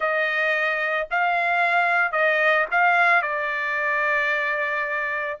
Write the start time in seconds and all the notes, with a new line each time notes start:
0.00 D#5
1.11 F5
2.12 D#5
2.71 F5
3.22 D5